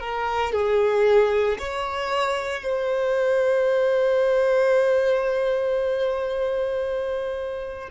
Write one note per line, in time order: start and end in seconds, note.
0.00 0.53 A#4
0.53 1.58 G#4
1.59 2.63 C#5
2.63 7.89 C5